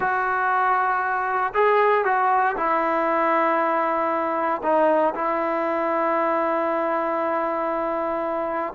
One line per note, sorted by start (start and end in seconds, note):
0.00 1.53 F#4
1.54 2.04 G#4
2.04 2.55 F#4
2.56 4.61 E4
4.62 5.14 D#4
5.14 8.73 E4